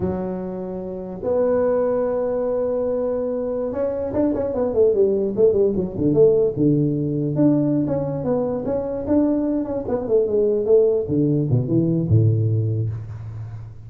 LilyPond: \new Staff \with { instrumentName = "tuba" } { \time 4/4 \tempo 4 = 149 fis2. b4~ | b1~ | b4~ b16 cis'4 d'8 cis'8 b8 a16~ | a16 g4 a8 g8 fis8 d8 a8.~ |
a16 d2 d'4~ d'16 cis'8~ | cis'8 b4 cis'4 d'4. | cis'8 b8 a8 gis4 a4 d8~ | d8 b,8 e4 a,2 | }